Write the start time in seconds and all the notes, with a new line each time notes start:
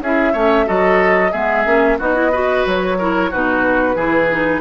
0.00 C#4 E4 G#4 E5
0.32 A3 C#4 C#5
0.66 F#3 F#4 A4 D#5
1.31 G#3 B3 G#4 E5
1.65 A#3 C#4
1.98 B3 D#4 F#4 D#5
2.14 E4
2.31 F#4 B4
2.66 F#3 C#5
2.98 E4 A#4
3.30 B2 D#4 F#4 B4
3.95 E3 E4 G#4
4.30 D#4